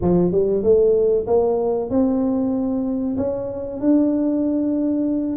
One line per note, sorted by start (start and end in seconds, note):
0.01 0.31 F3
0.31 0.63 G3
0.63 1.26 A3
1.26 1.89 A#3
1.89 3.16 C4
3.17 3.80 C#4
3.80 5.37 D4